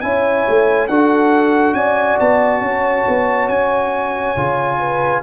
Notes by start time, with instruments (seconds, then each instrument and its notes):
0.00 tuba C#4, trombone E4, horn C#5, trumpet G#5
0.48 tuba A3
0.87 tuba D4, trombone F#4, horn A4, trumpet F#5
1.73 tuba C#4, horn D5, trumpet G#5
2.19 tuba B3, trumpet A5
2.61 tuba C#4, horn C#5
3.08 tuba B3
3.48 tuba C#4, trumpet G#5
4.36 tuba C#3, trombone F4
4.79 horn B4